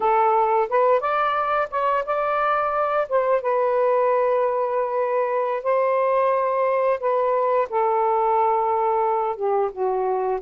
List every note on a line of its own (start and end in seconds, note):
0.00 0.68 A4
0.69 1.00 B4
1.00 1.68 D5
1.70 2.04 C#5
2.05 3.08 D5
3.08 3.41 C5
3.41 5.63 B4
5.63 6.99 C5
6.99 7.68 B4
7.69 9.36 A4
9.36 9.70 G4
9.72 10.40 F#4